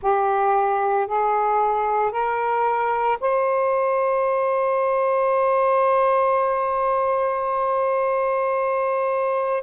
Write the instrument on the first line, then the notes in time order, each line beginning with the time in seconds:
saxophone
0.01 G4
1.07 G#4
2.11 A#4
3.20 C5